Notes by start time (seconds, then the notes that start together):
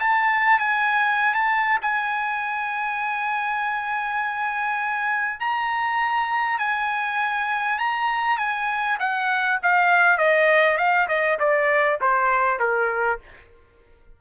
0.00 A5
0.59 G#5
1.34 A5
1.82 G#5
5.40 A#5
6.59 G#5
7.79 A#5
8.38 G#5
9.00 F#5
9.63 F5
10.18 D#5
10.78 F5
11.08 D#5
11.40 D5
12.01 C5
12.60 A#4